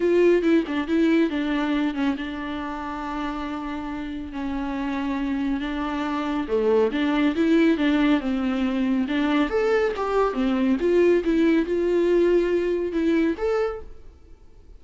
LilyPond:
\new Staff \with { instrumentName = "viola" } { \time 4/4 \tempo 4 = 139 f'4 e'8 d'8 e'4 d'4~ | d'8 cis'8 d'2.~ | d'2 cis'2~ | cis'4 d'2 a4 |
d'4 e'4 d'4 c'4~ | c'4 d'4 a'4 g'4 | c'4 f'4 e'4 f'4~ | f'2 e'4 a'4 | }